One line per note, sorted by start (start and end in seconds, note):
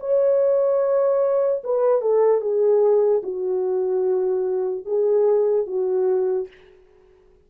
0.00 1.62 C#5
1.64 2.02 B4
2.02 2.41 A4
2.41 3.22 G#4
3.24 4.86 F#4
4.86 5.67 G#4
5.67 6.48 F#4